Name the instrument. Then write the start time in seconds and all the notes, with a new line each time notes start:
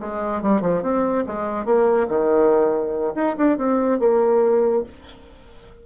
bassoon
0.00 G#3
0.42 G3
0.61 F3
0.82 C4
1.26 G#3
1.65 A#3
2.08 D#3
3.15 D#4
3.37 D4
3.57 C4
3.99 A#3